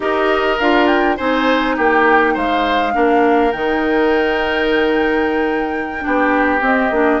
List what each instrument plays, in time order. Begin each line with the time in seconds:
0.00 bassoon D#4, clarinet G4, oboe A#4, flute D#5
0.59 bassoon D4, clarinet F4, flute F5
0.86 flute G5
1.17 bassoon C4, clarinet D#4, oboe C5, flute G#5
1.76 bassoon A#3, oboe G4, flute G5
2.33 bassoon G#3, oboe C5, flute F5
2.93 bassoon A#3, clarinet D4, oboe A#4
3.52 bassoon D#3, clarinet D#4, flute G5
6.00 bassoon B3, clarinet D4, oboe G4
6.61 clarinet C4, bassoon C4, flute D#5
6.90 bassoon A#3, clarinet D4